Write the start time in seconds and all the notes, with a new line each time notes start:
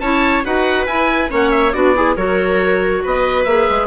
0.00 C#4 E4 C#5 A5
0.44 D#4 F#4 B4 F#5
0.87 E4 G#5
1.28 A#3 C#4 C#5
1.35 F#5
1.51 E5
1.73 B3 D4 F#4 D5
1.95 E4 G#4
2.17 F#3 F#4 A#4 C#5
3.04 B3 B4 D#5
3.44 A#3 G#4 E5
3.70 G#3